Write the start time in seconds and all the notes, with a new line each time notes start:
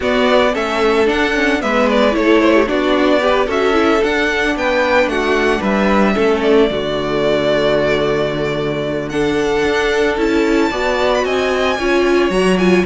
0.00 B3 F#4 D5
0.53 A3 C#4 A4 E5
1.05 D4 F#5
1.34 C#4
1.59 G#3 B3 B4 E5
1.89 D5
2.11 A3 E4 C#5
2.17 A4
2.41 C5
2.54 G4
2.67 B3 D4 F#4 D5
3.20 G4 B4
3.46 C#4 F#4 A4 E5
3.73 E4
4.03 D4 F#5
4.56 B3 B4 G5
5.06 A3 F#4 F#5
5.60 G3 B4 E5
6.14 A3 C#4 A4
6.42 D5
6.70 D3 A3 F#4
9.09 D4 A4 F#5
9.66 D4
10.17 C#4 E4 A5
10.70 B3 F#4 D5
11.14 B5
11.24 C4 D#5 G#5
11.78 C#4 F4 C#5
12.29 F#3 F#4 A#5
12.58 F4 G#5